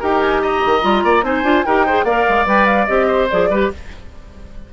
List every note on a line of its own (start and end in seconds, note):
0.00 0.65 D#4
0.00 0.81 G4
0.00 0.41 A#4
0.00 0.21 G5
0.21 0.41 G#5
0.43 1.04 D#5
0.43 1.25 A#5
0.66 0.83 D#3
0.81 1.04 G3
0.81 1.23 F4
1.04 1.23 A#3
1.04 1.25 D5
1.23 1.43 C4
1.23 1.44 D#4
1.23 1.66 C5
1.23 1.66 G#5
1.43 1.64 D4
1.43 1.65 F4
1.66 2.04 D#4
1.66 1.87 G4
1.66 1.86 A#4
1.66 2.05 G5
1.86 2.07 G#4
1.86 2.05 C5
2.04 2.25 A#3
2.04 2.46 A#4
2.04 3.07 D5
2.04 2.46 F5
2.29 2.46 G#3
2.46 2.87 G3
2.46 2.88 B4
2.46 2.66 G5
2.66 2.86 F5
2.86 3.30 C4
2.86 3.29 G4
2.86 3.27 D#5
3.07 3.48 C5
3.30 3.50 F3
3.30 3.52 G#4
3.30 3.71 D5
3.50 3.71 G3
3.50 3.73 G4
3.50 3.71 B4